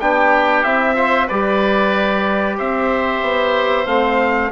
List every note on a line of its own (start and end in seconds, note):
0.00 0.65 B3
0.00 0.65 D4
0.00 0.96 G4
0.00 0.64 G5
0.64 1.29 C4
0.64 0.96 E4
0.64 1.28 E5
0.96 1.28 F4
0.96 1.28 C5
1.28 2.59 G3
1.28 3.87 G4
1.28 2.57 B4
1.28 2.58 D5
2.58 3.22 C4
2.58 4.51 C5
2.58 3.87 E5
3.22 3.86 B3
3.86 4.51 A3
3.86 4.51 C4
3.86 4.51 F5